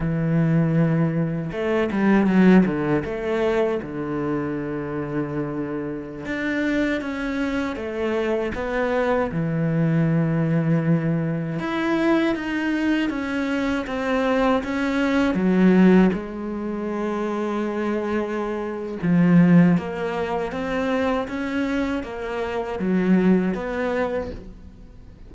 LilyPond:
\new Staff \with { instrumentName = "cello" } { \time 4/4 \tempo 4 = 79 e2 a8 g8 fis8 d8 | a4 d2.~ | d16 d'4 cis'4 a4 b8.~ | b16 e2. e'8.~ |
e'16 dis'4 cis'4 c'4 cis'8.~ | cis'16 fis4 gis2~ gis8.~ | gis4 f4 ais4 c'4 | cis'4 ais4 fis4 b4 | }